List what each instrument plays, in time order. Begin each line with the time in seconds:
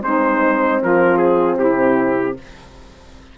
0.00 bassoon G#3, horn C4, saxophone D#4, trumpet C5
0.81 bassoon F3, saxophone F4, trumpet A#4
1.17 trumpet G#4
1.57 bassoon C3, saxophone E4, trumpet G4